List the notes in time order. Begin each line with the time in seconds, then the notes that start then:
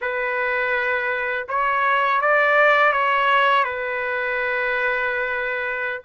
0.01 B4
1.48 C#5
2.21 D5
2.92 C#5
3.64 B4